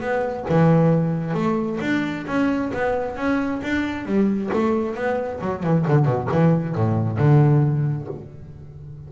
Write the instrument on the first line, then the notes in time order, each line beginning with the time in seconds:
double bass
0.00 B3
0.49 E3
1.34 A3
1.81 D4
2.27 C#4
2.73 B3
3.16 C#4
3.62 D4
4.05 G3
4.53 A3
4.94 B3
5.40 F#3
5.63 E3
5.87 D3
6.05 B2
6.31 E3
6.75 A2
7.18 D3